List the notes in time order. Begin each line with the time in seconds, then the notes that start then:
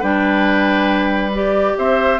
0.00 G3 D4 B4 G5
1.34 G4 D5
1.78 C4 C5 E5